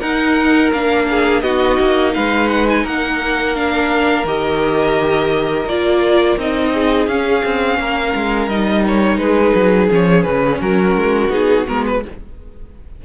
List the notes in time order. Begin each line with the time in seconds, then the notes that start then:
0.00 D#4 A#4 F#5
0.72 A#3 D4 F5
1.10 G#4
1.41 B3 D#4 F#4 D#5
1.80 A#3
2.14 G#3 B4 F5
2.49 F#5
2.69 G#5
2.84 A#3 A#4 F#5
3.55 D4 F5
4.24 D#3 G4 D#5
5.66 A#3 F4 D5
6.37 C4 D#4 D#5
6.73 G#4
7.07 C#4 F5
7.45 C4
7.79 A#3 A#4
8.15 G#3
8.47 G3 D#4 D#5
8.87 C#5
9.18 G#3 G#4 B4
9.55 F#3
9.89 F3 C#4 C#5
10.23 C#3 B4
10.60 F#3 F#4 A#4
10.96 G#3
11.29 B3 D#4 G#4
11.67 G#3 B3 A#4
11.87 B4